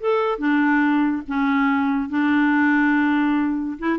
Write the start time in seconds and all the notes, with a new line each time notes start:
0.00 A4
0.38 D4
1.28 C#4
2.09 D4
3.79 E4